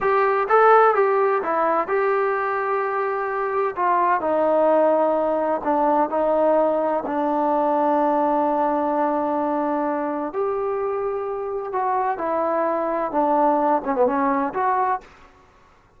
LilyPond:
\new Staff \with { instrumentName = "trombone" } { \time 4/4 \tempo 4 = 128 g'4 a'4 g'4 e'4 | g'1 | f'4 dis'2. | d'4 dis'2 d'4~ |
d'1~ | d'2 g'2~ | g'4 fis'4 e'2 | d'4. cis'16 b16 cis'4 fis'4 | }